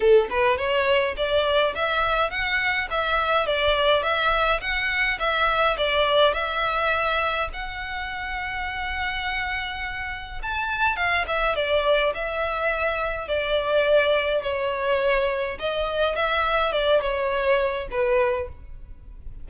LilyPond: \new Staff \with { instrumentName = "violin" } { \time 4/4 \tempo 4 = 104 a'8 b'8 cis''4 d''4 e''4 | fis''4 e''4 d''4 e''4 | fis''4 e''4 d''4 e''4~ | e''4 fis''2.~ |
fis''2 a''4 f''8 e''8 | d''4 e''2 d''4~ | d''4 cis''2 dis''4 | e''4 d''8 cis''4. b'4 | }